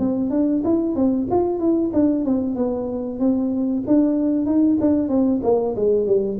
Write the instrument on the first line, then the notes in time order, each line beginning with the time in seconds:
tuba
0.00 C4
0.30 D4
0.64 E4
0.96 C4
1.31 F4
1.60 E4
1.94 D4
2.25 C4
2.56 B3
3.20 C4
3.88 D4
4.46 D#4
4.81 D4
5.09 C4
5.44 A#3
5.76 G#3
6.07 G3